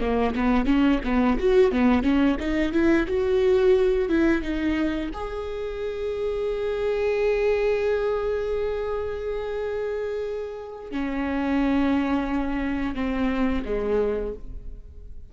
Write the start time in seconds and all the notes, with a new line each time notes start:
0.00 A#3
0.34 B3
0.65 C#4
1.04 B3
1.39 F#4
1.71 B3
2.02 C#4
2.39 D#4
2.72 E4
3.07 F#4
4.08 E4
4.41 D#4
5.13 G#4
10.91 C#4
12.95 C4
13.65 G#3